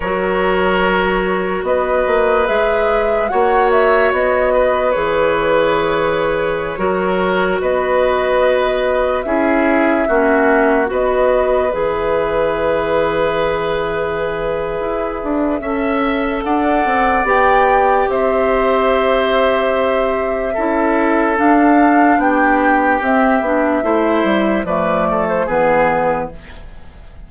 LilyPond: <<
  \new Staff \with { instrumentName = "flute" } { \time 4/4 \tempo 4 = 73 cis''2 dis''4 e''4 | fis''8 e''8 dis''4 cis''2~ | cis''4~ cis''16 dis''2 e''8.~ | e''4~ e''16 dis''4 e''4.~ e''16~ |
e''1 | fis''4 g''4 e''2~ | e''2 f''4 g''4 | e''2 d''8. c''16 b'4 | }
  \new Staff \with { instrumentName = "oboe" } { \time 4/4 ais'2 b'2 | cis''4. b'2~ b'8~ | b'16 ais'4 b'2 gis'8.~ | gis'16 fis'4 b'2~ b'8.~ |
b'2. e''4 | d''2 c''2~ | c''4 a'2 g'4~ | g'4 c''4 b'8 a'8 gis'4 | }
  \new Staff \with { instrumentName = "clarinet" } { \time 4/4 fis'2. gis'4 | fis'2 gis'2~ | gis'16 fis'2. e'8.~ | e'16 cis'4 fis'4 gis'4.~ gis'16~ |
gis'2. a'4~ | a'4 g'2.~ | g'4 e'4 d'2 | c'8 d'8 e'4 a4 b4 | }
  \new Staff \with { instrumentName = "bassoon" } { \time 4/4 fis2 b8 ais8 gis4 | ais4 b4 e2~ | e16 fis4 b2 cis'8.~ | cis'16 ais4 b4 e4.~ e16~ |
e2 e'8 d'8 cis'4 | d'8 c'8 b4 c'2~ | c'4 cis'4 d'4 b4 | c'8 b8 a8 g8 f4 e4 | }
>>